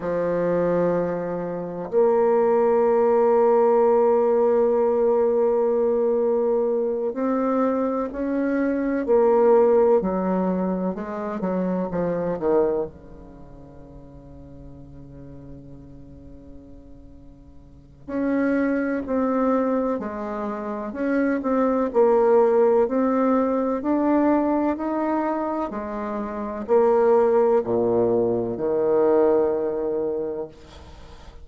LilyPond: \new Staff \with { instrumentName = "bassoon" } { \time 4/4 \tempo 4 = 63 f2 ais2~ | ais2.~ ais8 c'8~ | c'8 cis'4 ais4 fis4 gis8 | fis8 f8 dis8 cis2~ cis8~ |
cis2. cis'4 | c'4 gis4 cis'8 c'8 ais4 | c'4 d'4 dis'4 gis4 | ais4 ais,4 dis2 | }